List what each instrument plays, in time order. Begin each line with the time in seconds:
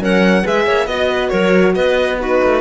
0.00 cello F#3, horn C#4, clarinet A#4, violin F#5
0.43 cello G#3, horn G#4, clarinet B4, violin E5
0.67 cello A#3, clarinet C#5
0.86 cello B3, horn F#4, violin D#5, clarinet D#5
1.09 clarinet B4
1.29 cello F#3, clarinet A#4, violin C#5
1.75 cello B3, clarinet B4, violin D#5
2.20 horn D#4, clarinet F#4, violin B4
2.43 cello A3